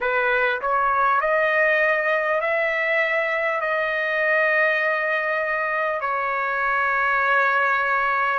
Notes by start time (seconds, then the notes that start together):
0.01 B4
0.61 C#5
1.20 D#5
2.40 E5
3.60 D#5
6.00 C#5